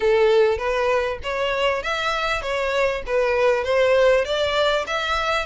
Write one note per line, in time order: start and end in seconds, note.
0.00 0.58 A4
0.58 1.18 B4
1.23 1.82 C#5
1.82 2.41 E5
2.41 3.02 C#5
3.06 3.64 B4
3.64 4.24 C5
4.24 4.85 D5
4.86 5.45 E5